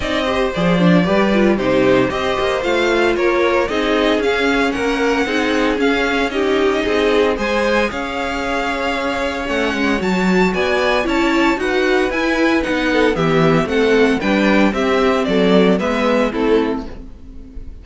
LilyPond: <<
  \new Staff \with { instrumentName = "violin" } { \time 4/4 \tempo 4 = 114 dis''4 d''2 c''4 | dis''4 f''4 cis''4 dis''4 | f''4 fis''2 f''4 | dis''2 gis''4 f''4~ |
f''2 fis''4 a''4 | gis''4 a''4 fis''4 gis''4 | fis''4 e''4 fis''4 g''4 | e''4 d''4 e''4 a'4 | }
  \new Staff \with { instrumentName = "violin" } { \time 4/4 d''8 c''4. b'4 g'4 | c''2 ais'4 gis'4~ | gis'4 ais'4 gis'2 | g'4 gis'4 c''4 cis''4~ |
cis''1 | d''4 cis''4 b'2~ | b'8 a'8 g'4 a'4 b'4 | g'4 a'4 b'4 e'4 | }
  \new Staff \with { instrumentName = "viola" } { \time 4/4 dis'8 g'8 gis'8 d'8 g'8 f'8 dis'4 | g'4 f'2 dis'4 | cis'2 dis'4 cis'4 | dis'2 gis'2~ |
gis'2 cis'4 fis'4~ | fis'4 e'4 fis'4 e'4 | dis'4 b4 c'4 d'4 | c'2 b4 c'4 | }
  \new Staff \with { instrumentName = "cello" } { \time 4/4 c'4 f4 g4 c4 | c'8 ais8 a4 ais4 c'4 | cis'4 ais4 c'4 cis'4~ | cis'4 c'4 gis4 cis'4~ |
cis'2 a8 gis8 fis4 | b4 cis'4 dis'4 e'4 | b4 e4 a4 g4 | c'4 fis4 gis4 a4 | }
>>